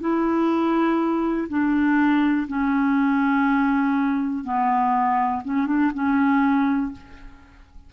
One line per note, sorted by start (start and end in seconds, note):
0.00 1.48 E4
1.48 2.47 D4
2.48 4.44 C#4
4.44 5.42 B3
5.44 5.66 C#4
5.66 5.91 D4
5.93 6.92 C#4